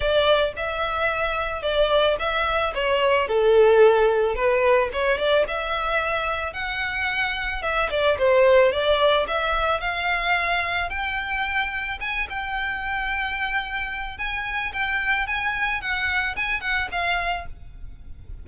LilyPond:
\new Staff \with { instrumentName = "violin" } { \time 4/4 \tempo 4 = 110 d''4 e''2 d''4 | e''4 cis''4 a'2 | b'4 cis''8 d''8 e''2 | fis''2 e''8 d''8 c''4 |
d''4 e''4 f''2 | g''2 gis''8 g''4.~ | g''2 gis''4 g''4 | gis''4 fis''4 gis''8 fis''8 f''4 | }